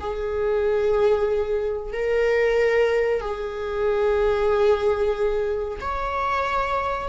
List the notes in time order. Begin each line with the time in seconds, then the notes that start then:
0.00 G#4
1.92 A#4
3.21 G#4
5.80 C#5